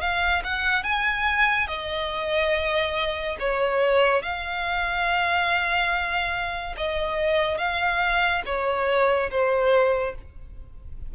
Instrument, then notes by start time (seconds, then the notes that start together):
violin
0.00 F5
0.43 F#5
0.83 G#5
1.67 D#5
3.39 C#5
4.22 F5
6.77 D#5
7.57 F5
8.45 C#5
9.30 C5